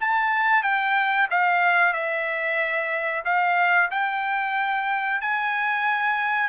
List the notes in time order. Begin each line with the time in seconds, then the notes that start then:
0.00 A5
0.62 G5
1.30 F5
1.93 E5
3.24 F5
3.91 G5
5.21 G#5